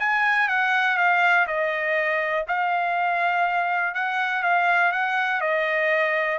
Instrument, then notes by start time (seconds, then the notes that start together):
trumpet
0.00 G#5
0.49 F#5
0.97 F5
1.48 D#5
2.48 F5
3.95 F#5
4.43 F5
4.92 F#5
5.41 D#5